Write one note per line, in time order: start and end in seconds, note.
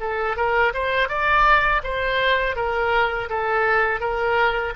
0.00 0.36 A4
0.36 0.73 A#4
0.74 1.09 C5
1.09 1.82 D5
1.83 2.56 C5
2.56 3.29 A#4
3.29 4.00 A4
4.00 4.73 A#4